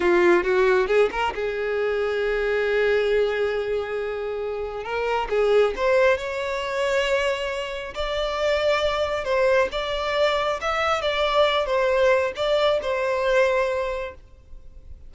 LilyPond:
\new Staff \with { instrumentName = "violin" } { \time 4/4 \tempo 4 = 136 f'4 fis'4 gis'8 ais'8 gis'4~ | gis'1~ | gis'2. ais'4 | gis'4 c''4 cis''2~ |
cis''2 d''2~ | d''4 c''4 d''2 | e''4 d''4. c''4. | d''4 c''2. | }